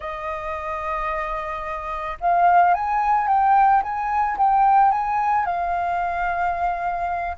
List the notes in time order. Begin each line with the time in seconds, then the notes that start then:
0.00 D#5
2.20 F5
2.73 G#5
3.27 G5
3.82 G#5
4.37 G5
4.91 G#5
5.45 F5